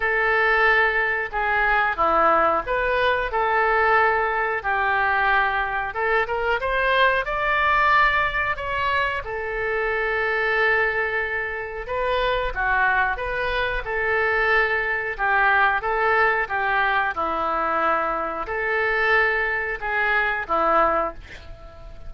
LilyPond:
\new Staff \with { instrumentName = "oboe" } { \time 4/4 \tempo 4 = 91 a'2 gis'4 e'4 | b'4 a'2 g'4~ | g'4 a'8 ais'8 c''4 d''4~ | d''4 cis''4 a'2~ |
a'2 b'4 fis'4 | b'4 a'2 g'4 | a'4 g'4 e'2 | a'2 gis'4 e'4 | }